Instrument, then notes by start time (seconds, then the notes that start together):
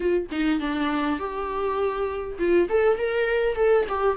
viola
0.00 F4
0.31 D#4
0.59 D4
1.19 G4
2.38 F4
2.69 A4
2.97 A#4
3.55 A4
3.88 G4